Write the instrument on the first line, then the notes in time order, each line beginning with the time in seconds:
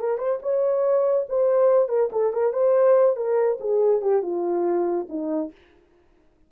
horn
0.00 A#4
0.18 C5
0.42 C#5
1.29 C5
1.89 A#4
2.12 A4
2.33 A#4
2.53 C5
3.16 A#4
3.60 G#4
4.02 G4
4.23 F4
5.09 D#4